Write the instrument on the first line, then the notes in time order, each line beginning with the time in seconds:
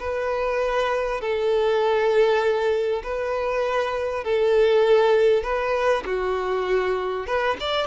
violin
0.00 B4
1.21 A4
3.03 B4
4.24 A4
5.44 B4
6.06 F#4
7.27 B4
7.60 D5